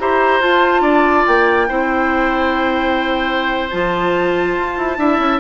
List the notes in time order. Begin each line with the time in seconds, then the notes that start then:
0.00 E4 G4 C5 A#5
0.40 F4 A5
0.81 D4 D5
1.26 A#3 G5
1.68 C4 E4 C5
3.70 F3 F4 A5
4.58 F4
4.77 E4
4.98 D4 E4 E5
5.19 C#4